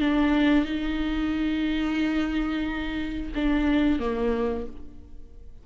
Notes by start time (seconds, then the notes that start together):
0.00 D4
0.65 D#4
3.35 D4
3.99 A#3